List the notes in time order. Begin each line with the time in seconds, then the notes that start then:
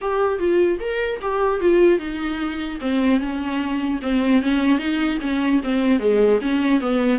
0.01 G4
0.39 F4
0.80 A#4
1.21 G4
1.60 F4
1.99 D#4
2.80 C4
3.20 C#4
4.02 C4
4.42 C#4
4.78 D#4
5.21 C#4
5.63 C4
5.99 G#3
6.41 C#4
6.80 B3